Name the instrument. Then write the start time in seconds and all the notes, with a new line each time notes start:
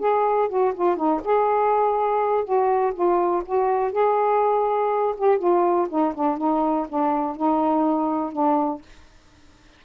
saxophone
0.00 G#4
0.49 F#4
0.74 F4
0.97 D#4
1.25 G#4
2.44 F#4
2.94 F4
3.46 F#4
3.92 G#4
5.18 G4
5.39 F4
5.89 D#4
6.15 D4
6.38 D#4
6.89 D4
7.37 D#4
8.32 D4